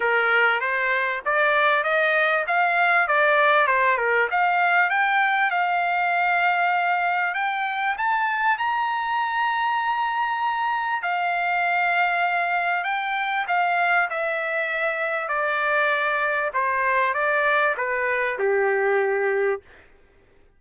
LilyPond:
\new Staff \with { instrumentName = "trumpet" } { \time 4/4 \tempo 4 = 98 ais'4 c''4 d''4 dis''4 | f''4 d''4 c''8 ais'8 f''4 | g''4 f''2. | g''4 a''4 ais''2~ |
ais''2 f''2~ | f''4 g''4 f''4 e''4~ | e''4 d''2 c''4 | d''4 b'4 g'2 | }